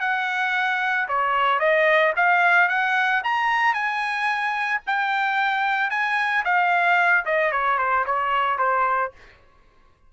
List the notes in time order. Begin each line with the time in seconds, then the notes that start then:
0.00 F#5
1.08 C#5
1.59 D#5
2.16 F5
2.69 F#5
3.24 A#5
3.73 G#5
4.86 G5
5.90 G#5
6.44 F5
7.25 D#5
7.52 C#5
7.78 C5
8.06 C#5
8.58 C5